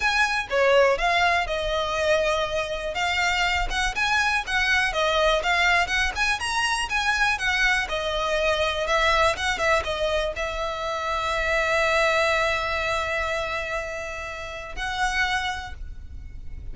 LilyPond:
\new Staff \with { instrumentName = "violin" } { \time 4/4 \tempo 4 = 122 gis''4 cis''4 f''4 dis''4~ | dis''2 f''4. fis''8 | gis''4 fis''4 dis''4 f''4 | fis''8 gis''8 ais''4 gis''4 fis''4 |
dis''2 e''4 fis''8 e''8 | dis''4 e''2.~ | e''1~ | e''2 fis''2 | }